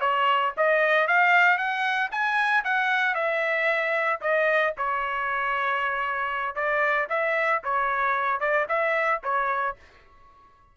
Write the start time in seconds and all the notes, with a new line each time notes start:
0.00 C#5
0.57 D#5
1.07 F5
1.57 F#5
2.11 G#5
2.64 F#5
3.14 E5
4.21 D#5
4.77 C#5
6.55 D5
7.09 E5
7.63 C#5
8.40 D5
8.68 E5
9.23 C#5